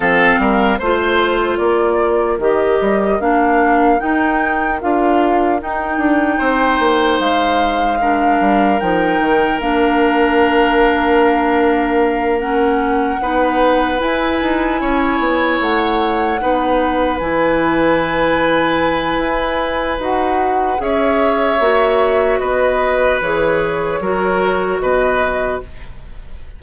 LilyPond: <<
  \new Staff \with { instrumentName = "flute" } { \time 4/4 \tempo 4 = 75 f''4 c''4 d''4 dis''4 | f''4 g''4 f''4 g''4~ | g''4 f''2 g''4 | f''2.~ f''8 fis''8~ |
fis''4. gis''2 fis''8~ | fis''4. gis''2~ gis''8~ | gis''4 fis''4 e''2 | dis''4 cis''2 dis''4 | }
  \new Staff \with { instrumentName = "oboe" } { \time 4/4 a'8 ais'8 c''4 ais'2~ | ais'1 | c''2 ais'2~ | ais'1~ |
ais'8 b'2 cis''4.~ | cis''8 b'2.~ b'8~ | b'2 cis''2 | b'2 ais'4 b'4 | }
  \new Staff \with { instrumentName = "clarinet" } { \time 4/4 c'4 f'2 g'4 | d'4 dis'4 f'4 dis'4~ | dis'2 d'4 dis'4 | d'2.~ d'8 cis'8~ |
cis'8 dis'4 e'2~ e'8~ | e'8 dis'4 e'2~ e'8~ | e'4 fis'4 gis'4 fis'4~ | fis'4 gis'4 fis'2 | }
  \new Staff \with { instrumentName = "bassoon" } { \time 4/4 f8 g8 a4 ais4 dis8 g8 | ais4 dis'4 d'4 dis'8 d'8 | c'8 ais8 gis4. g8 f8 dis8 | ais1~ |
ais8 b4 e'8 dis'8 cis'8 b8 a8~ | a8 b4 e2~ e8 | e'4 dis'4 cis'4 ais4 | b4 e4 fis4 b,4 | }
>>